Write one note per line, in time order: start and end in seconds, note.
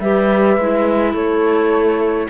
0.00 0.57 G3
0.00 0.59 G4
0.00 1.14 B4
0.00 1.14 E5
0.57 1.13 G#3
0.57 2.30 E4
1.13 2.28 A3
1.13 2.28 A4
1.13 2.30 C#5